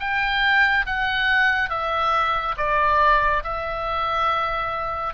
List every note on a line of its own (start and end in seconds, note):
0.00 0.86 G5
0.86 1.69 F#5
1.69 2.55 E5
2.58 3.43 D5
3.44 5.14 E5